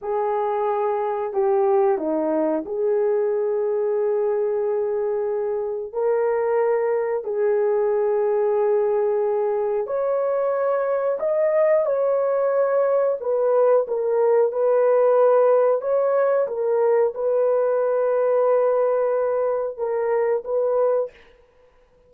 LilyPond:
\new Staff \with { instrumentName = "horn" } { \time 4/4 \tempo 4 = 91 gis'2 g'4 dis'4 | gis'1~ | gis'4 ais'2 gis'4~ | gis'2. cis''4~ |
cis''4 dis''4 cis''2 | b'4 ais'4 b'2 | cis''4 ais'4 b'2~ | b'2 ais'4 b'4 | }